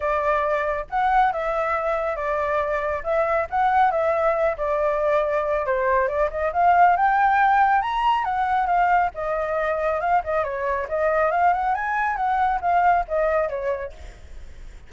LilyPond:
\new Staff \with { instrumentName = "flute" } { \time 4/4 \tempo 4 = 138 d''2 fis''4 e''4~ | e''4 d''2 e''4 | fis''4 e''4. d''4.~ | d''4 c''4 d''8 dis''8 f''4 |
g''2 ais''4 fis''4 | f''4 dis''2 f''8 dis''8 | cis''4 dis''4 f''8 fis''8 gis''4 | fis''4 f''4 dis''4 cis''4 | }